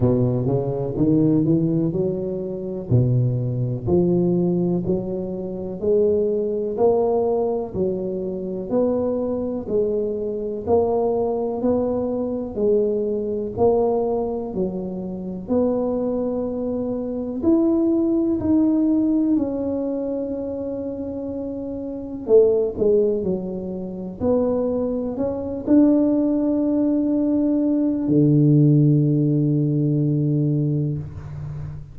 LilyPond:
\new Staff \with { instrumentName = "tuba" } { \time 4/4 \tempo 4 = 62 b,8 cis8 dis8 e8 fis4 b,4 | f4 fis4 gis4 ais4 | fis4 b4 gis4 ais4 | b4 gis4 ais4 fis4 |
b2 e'4 dis'4 | cis'2. a8 gis8 | fis4 b4 cis'8 d'4.~ | d'4 d2. | }